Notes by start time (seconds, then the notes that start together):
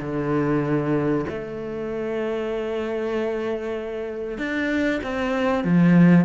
0.00 D3
1.28 A3
4.38 D4
5.03 C4
5.64 F3